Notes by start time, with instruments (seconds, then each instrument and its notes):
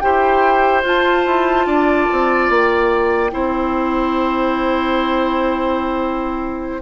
0.00 bassoon E4, clarinet G4, oboe C5, flute G5
0.83 bassoon F4, clarinet F4, flute A5
1.26 bassoon E4
1.66 bassoon D4, oboe D5
2.12 bassoon C4
2.49 bassoon A#3, flute G5
3.31 bassoon C4, clarinet E4, oboe C5